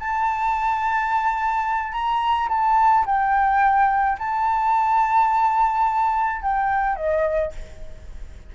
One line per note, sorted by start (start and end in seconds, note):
0.00 1.92 A5
1.92 2.49 A#5
2.49 3.05 A5
3.06 4.18 G5
4.19 6.42 A5
6.42 6.96 G5
6.96 7.52 D#5